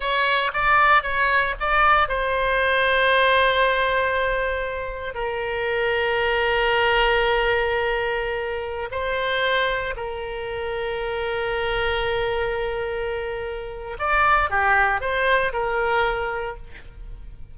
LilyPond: \new Staff \with { instrumentName = "oboe" } { \time 4/4 \tempo 4 = 116 cis''4 d''4 cis''4 d''4 | c''1~ | c''2 ais'2~ | ais'1~ |
ais'4~ ais'16 c''2 ais'8.~ | ais'1~ | ais'2. d''4 | g'4 c''4 ais'2 | }